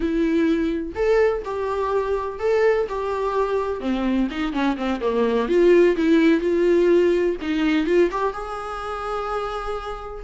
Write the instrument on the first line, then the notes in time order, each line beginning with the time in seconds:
viola
0.00 E4
0.95 A4
1.45 G4
2.39 A4
2.88 G4
3.80 C4
4.31 D#4
4.52 C#4
4.76 C4
5.00 A#3
5.48 F4
5.96 E4
6.40 F4
7.41 D#4
7.86 F4
8.11 G4
8.33 G#4